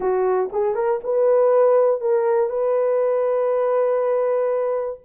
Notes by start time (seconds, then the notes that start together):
0.00 F#4
0.52 G#4
0.75 A#4
1.03 B4
2.00 A#4
2.49 B4